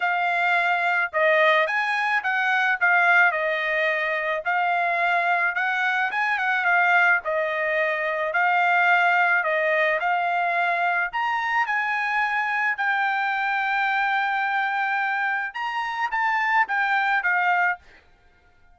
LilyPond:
\new Staff \with { instrumentName = "trumpet" } { \time 4/4 \tempo 4 = 108 f''2 dis''4 gis''4 | fis''4 f''4 dis''2 | f''2 fis''4 gis''8 fis''8 | f''4 dis''2 f''4~ |
f''4 dis''4 f''2 | ais''4 gis''2 g''4~ | g''1 | ais''4 a''4 g''4 f''4 | }